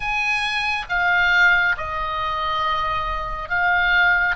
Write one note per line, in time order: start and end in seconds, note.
0.00 0.85 G#5
0.89 1.76 F5
1.77 3.49 D#5
3.49 4.35 F5